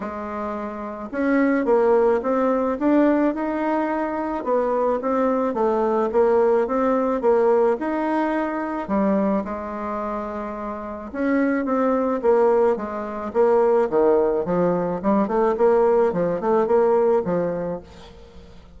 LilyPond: \new Staff \with { instrumentName = "bassoon" } { \time 4/4 \tempo 4 = 108 gis2 cis'4 ais4 | c'4 d'4 dis'2 | b4 c'4 a4 ais4 | c'4 ais4 dis'2 |
g4 gis2. | cis'4 c'4 ais4 gis4 | ais4 dis4 f4 g8 a8 | ais4 f8 a8 ais4 f4 | }